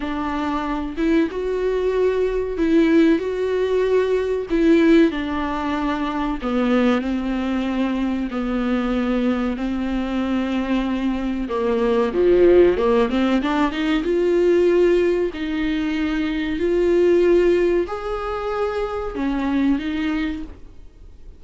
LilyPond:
\new Staff \with { instrumentName = "viola" } { \time 4/4 \tempo 4 = 94 d'4. e'8 fis'2 | e'4 fis'2 e'4 | d'2 b4 c'4~ | c'4 b2 c'4~ |
c'2 ais4 f4 | ais8 c'8 d'8 dis'8 f'2 | dis'2 f'2 | gis'2 cis'4 dis'4 | }